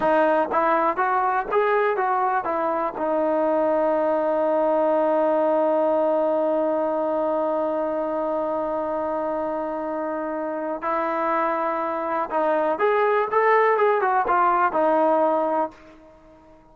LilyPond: \new Staff \with { instrumentName = "trombone" } { \time 4/4 \tempo 4 = 122 dis'4 e'4 fis'4 gis'4 | fis'4 e'4 dis'2~ | dis'1~ | dis'1~ |
dis'1~ | dis'2 e'2~ | e'4 dis'4 gis'4 a'4 | gis'8 fis'8 f'4 dis'2 | }